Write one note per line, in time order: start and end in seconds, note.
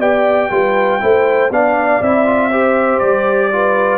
0.00 0.50 B3
0.00 0.51 G4
0.00 0.50 D5
0.00 1.51 G5
0.51 1.01 G3
0.51 1.01 F4
0.51 1.01 B4
1.01 1.51 A3
1.01 1.51 E4
1.01 1.53 C5
1.51 2.01 B3
1.51 2.02 D4
1.51 2.50 D5
1.51 2.03 F5
2.01 3.01 C4
2.01 2.26 E4
2.01 2.99 E5
2.26 2.51 F4
2.50 3.51 G4
2.50 3.50 C5
2.99 3.98 G3
2.99 3.98 D5
3.52 3.98 F4
3.52 3.98 B4